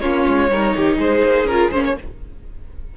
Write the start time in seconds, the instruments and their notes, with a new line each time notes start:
0.00 cello A#3, viola C#4, violin F4 C#5
0.27 cello G#3
0.50 cello G3, viola D#4, violin A#4
0.76 cello D#3, violin G4
0.98 cello G#3, violin G#4 C5
1.23 cello A#3
1.44 cello C#4, viola F4, violin A#4
1.71 cello A#3, viola C#4, violin C5
1.84 violin C#5